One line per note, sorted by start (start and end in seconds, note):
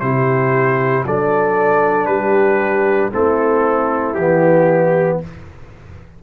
0.00 1.04 C3
0.00 1.05 E4
0.00 1.05 G4
0.00 1.03 C5
1.05 2.06 F#3
1.05 3.11 D4
1.05 2.07 A4
1.05 2.06 D5
2.06 3.10 G3
2.06 3.11 G4
2.06 3.09 B4
3.11 4.16 A3
3.11 4.14 C4
3.11 5.20 E4
3.11 4.14 A4
4.14 5.19 E3
4.14 5.23 B3
4.14 5.17 G4